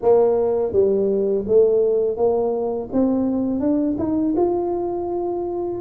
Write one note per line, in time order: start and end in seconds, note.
0.02 0.72 A#3
0.72 1.44 G3
1.47 2.16 A3
2.16 2.88 A#3
2.92 3.60 C4
3.60 3.96 D4
3.98 4.34 D#4
4.36 5.80 F4